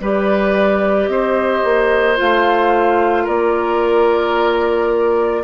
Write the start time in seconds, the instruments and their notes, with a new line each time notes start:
0.00 bassoon G3, clarinet G4, oboe B4, flute D5
1.07 bassoon C4, oboe C5, flute D#5
1.64 bassoon A#3
2.16 bassoon A3, clarinet F4, flute F5
3.24 bassoon A#3, oboe A#4, flute D5